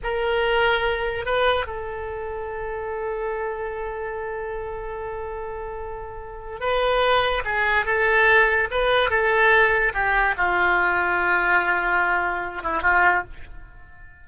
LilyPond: \new Staff \with { instrumentName = "oboe" } { \time 4/4 \tempo 4 = 145 ais'2. b'4 | a'1~ | a'1~ | a'1 |
b'2 gis'4 a'4~ | a'4 b'4 a'2 | g'4 f'2.~ | f'2~ f'8 e'8 f'4 | }